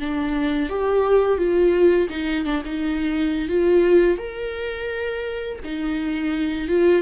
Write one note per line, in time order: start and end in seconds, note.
0.00 0.70 D4
0.70 1.38 G4
1.38 2.09 F4
2.10 2.45 D#4
2.45 2.62 D4
2.65 3.49 D#4
3.49 4.18 F4
4.18 5.59 A#4
5.64 6.68 D#4
6.68 7.02 F4